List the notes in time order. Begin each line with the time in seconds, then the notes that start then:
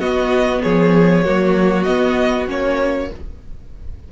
0.00 B3 F#4 D#5
0.62 F3 G#4 C#5
1.24 F#3 A#3 F#4
1.84 B3 D#5
2.48 A#3 C#4 C#5